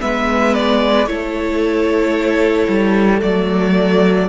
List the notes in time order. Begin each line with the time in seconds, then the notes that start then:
0.00 G#3 B3 B4 E5
0.55 D5
1.07 A3 E4 A4 C#5
2.68 G3
3.21 F#3 A3 D5